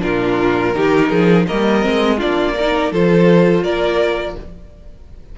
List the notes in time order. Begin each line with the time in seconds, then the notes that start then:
0.00 A#2 D4 F4 A#4
0.75 D#3 D#4 G4
1.10 F3 G#4
1.47 G3 A#3 A#4 D#5
1.82 G#3 C4
2.17 D4 F4 D5
2.23 A#3
2.57 D#4 A#4
2.91 F3 F4 A4 C5
3.63 A#3 A#4 D5